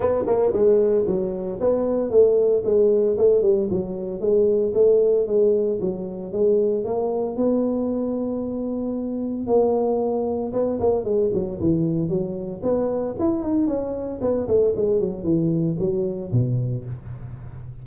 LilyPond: \new Staff \with { instrumentName = "tuba" } { \time 4/4 \tempo 4 = 114 b8 ais8 gis4 fis4 b4 | a4 gis4 a8 g8 fis4 | gis4 a4 gis4 fis4 | gis4 ais4 b2~ |
b2 ais2 | b8 ais8 gis8 fis8 e4 fis4 | b4 e'8 dis'8 cis'4 b8 a8 | gis8 fis8 e4 fis4 b,4 | }